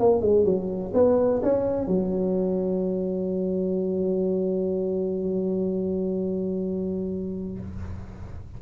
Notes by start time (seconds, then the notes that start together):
0.00 A#3
0.22 G#3
0.45 F#3
0.94 B3
1.43 C#4
1.88 F#3